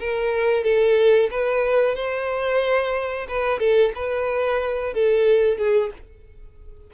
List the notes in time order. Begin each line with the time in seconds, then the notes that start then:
0.00 A#4
0.64 A4
1.31 B4
1.96 C5
3.29 B4
3.60 A4
3.95 B4
4.94 A4
5.58 G#4